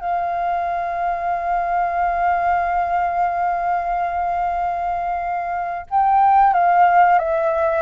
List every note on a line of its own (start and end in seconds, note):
0.00 5.87 F5
5.90 6.54 G5
6.54 7.19 F5
7.19 7.82 E5